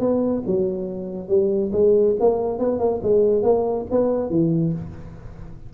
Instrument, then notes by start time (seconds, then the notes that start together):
tuba
0.00 B3
0.47 F#3
1.29 G3
1.73 G#3
2.20 A#3
2.59 B3
2.79 A#3
3.03 G#3
3.43 A#3
3.91 B3
4.30 E3